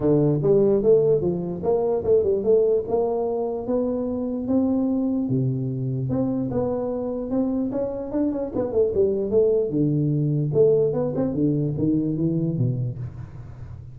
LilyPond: \new Staff \with { instrumentName = "tuba" } { \time 4/4 \tempo 4 = 148 d4 g4 a4 f4 | ais4 a8 g8 a4 ais4~ | ais4 b2 c'4~ | c'4 c2 c'4 |
b2 c'4 cis'4 | d'8 cis'8 b8 a8 g4 a4 | d2 a4 b8 c'8 | d4 dis4 e4 b,4 | }